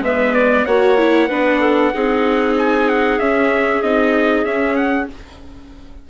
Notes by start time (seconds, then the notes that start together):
0.00 G#3 B3 B4 E5
0.34 D5
0.65 A#3 F#4 C#5 F#5
0.98 E4
1.28 B3 D4 B4
1.60 A4
1.94 C4 D#4 G#4
2.58 G#5
2.88 F#5
3.19 C#4 E5
3.82 C4 D#4 D#5
4.44 C#4 E5
4.76 F#5